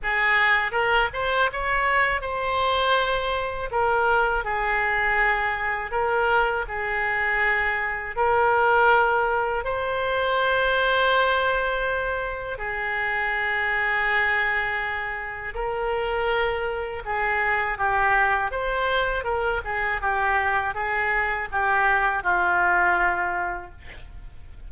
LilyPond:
\new Staff \with { instrumentName = "oboe" } { \time 4/4 \tempo 4 = 81 gis'4 ais'8 c''8 cis''4 c''4~ | c''4 ais'4 gis'2 | ais'4 gis'2 ais'4~ | ais'4 c''2.~ |
c''4 gis'2.~ | gis'4 ais'2 gis'4 | g'4 c''4 ais'8 gis'8 g'4 | gis'4 g'4 f'2 | }